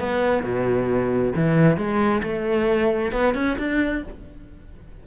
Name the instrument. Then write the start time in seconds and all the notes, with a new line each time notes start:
cello
0.00 B3
0.44 B2
1.36 E3
1.77 G#3
2.23 A3
3.13 B3
3.35 C#4
3.59 D4